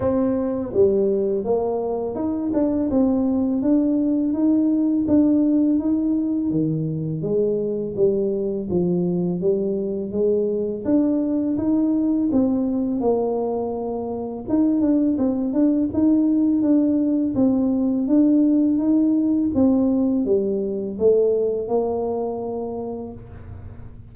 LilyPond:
\new Staff \with { instrumentName = "tuba" } { \time 4/4 \tempo 4 = 83 c'4 g4 ais4 dis'8 d'8 | c'4 d'4 dis'4 d'4 | dis'4 dis4 gis4 g4 | f4 g4 gis4 d'4 |
dis'4 c'4 ais2 | dis'8 d'8 c'8 d'8 dis'4 d'4 | c'4 d'4 dis'4 c'4 | g4 a4 ais2 | }